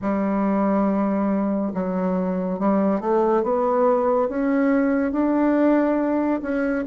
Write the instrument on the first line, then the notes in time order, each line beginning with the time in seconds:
bassoon
0.01 G3
1.74 F#3
2.59 G3
3.00 A3
3.43 B3
4.28 C#4
5.12 D4
6.42 C#4